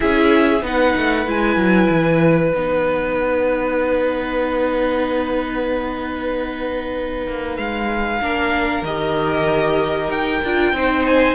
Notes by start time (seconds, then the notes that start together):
0.00 C#4 E4 G#4 E5
0.62 B3 D#4 B4 F#5
0.96 A3
1.26 G#3 E4 G#5
1.56 F#3
1.90 E3
2.53 B3 D#4 F#5
7.27 A#3
7.56 G#3 F5
8.21 A#3 D4 A#4
8.82 D#3 G4 D#5
10.08 D#4 G5
10.43 D4 F4
10.72 C4 D#4 C5
11.06 G#5